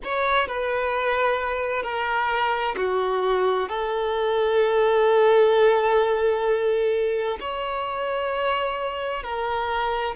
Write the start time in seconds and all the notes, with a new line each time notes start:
0.03 C#5
0.47 B4
1.83 A#4
2.76 F#4
3.68 A4
7.40 C#5
9.23 A#4